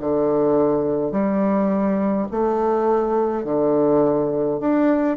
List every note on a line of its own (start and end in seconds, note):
0.00 1.12 D3
1.12 2.27 G3
2.31 3.44 A3
3.44 4.59 D3
4.59 5.17 D4